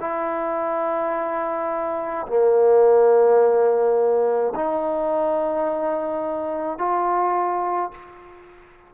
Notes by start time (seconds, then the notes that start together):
0.00 E4
2.27 A#3
4.55 D#4
6.78 F4